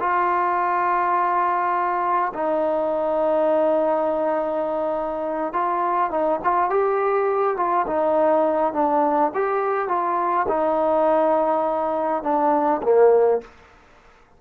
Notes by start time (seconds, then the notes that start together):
0.00 F4
2.34 D#4
5.53 F4
6.11 D#4
6.44 F4
6.70 G4
7.57 F4
7.87 D#4
8.74 D4
9.35 G4
9.89 F4
10.49 D#4
12.23 D4
12.83 A#3